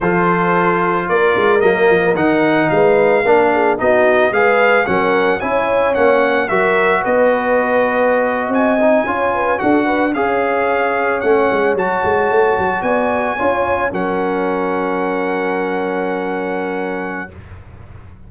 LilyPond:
<<
  \new Staff \with { instrumentName = "trumpet" } { \time 4/4 \tempo 4 = 111 c''2 d''4 dis''4 | fis''4 f''2 dis''4 | f''4 fis''4 gis''4 fis''4 | e''4 dis''2~ dis''8. gis''16~ |
gis''4.~ gis''16 fis''4 f''4~ f''16~ | f''8. fis''4 a''2 gis''16~ | gis''4.~ gis''16 fis''2~ fis''16~ | fis''1 | }
  \new Staff \with { instrumentName = "horn" } { \time 4/4 a'2 ais'2~ | ais'4 b'4 ais'8 gis'8 fis'4 | b'4 ais'4 cis''2 | ais'4 b'2~ b'8. dis''16~ |
dis''8. cis''8 b'8 a'8 b'8 cis''4~ cis''16~ | cis''2.~ cis''8. d''16~ | d''8. cis''4 ais'2~ ais'16~ | ais'1 | }
  \new Staff \with { instrumentName = "trombone" } { \time 4/4 f'2. ais4 | dis'2 d'4 dis'4 | gis'4 cis'4 e'4 cis'4 | fis'1~ |
fis'16 dis'8 f'4 fis'4 gis'4~ gis'16~ | gis'8. cis'4 fis'2~ fis'16~ | fis'8. f'4 cis'2~ cis'16~ | cis'1 | }
  \new Staff \with { instrumentName = "tuba" } { \time 4/4 f2 ais8 gis8 fis8 f8 | dis4 gis4 ais4 b4 | gis4 fis4 cis'4 ais4 | fis4 b2~ b8. c'16~ |
c'8. cis'4 d'4 cis'4~ cis'16~ | cis'8. a8 gis8 fis8 gis8 a8 fis8 b16~ | b8. cis'4 fis2~ fis16~ | fis1 | }
>>